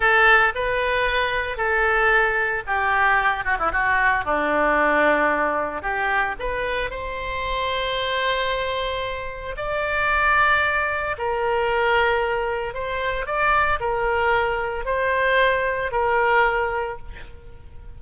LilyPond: \new Staff \with { instrumentName = "oboe" } { \time 4/4 \tempo 4 = 113 a'4 b'2 a'4~ | a'4 g'4. fis'16 e'16 fis'4 | d'2. g'4 | b'4 c''2.~ |
c''2 d''2~ | d''4 ais'2. | c''4 d''4 ais'2 | c''2 ais'2 | }